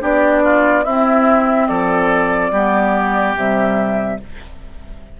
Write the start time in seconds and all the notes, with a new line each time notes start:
0.00 B3 D4 G4 D5
0.43 F4
0.84 C4 E4 E5
1.67 F3 A4 D5
2.51 G3 B3 G4
3.35 C3 G3 E5